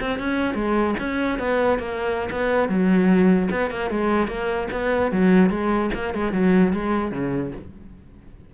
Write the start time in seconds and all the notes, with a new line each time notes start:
0.00 C4
0.19 C#4
0.54 G#3
0.99 C#4
1.39 B3
1.79 A#3
2.31 B3
2.69 F#3
3.51 B3
3.70 A#3
3.90 G#3
4.28 A#3
4.71 B3
5.12 F#3
5.50 G#3
5.94 A#3
6.14 G#3
6.32 F#3
6.72 G#3
7.11 C#3